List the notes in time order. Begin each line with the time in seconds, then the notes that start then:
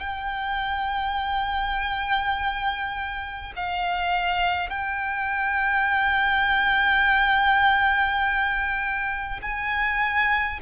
0.00 G5
3.56 F5
4.70 G5
9.42 G#5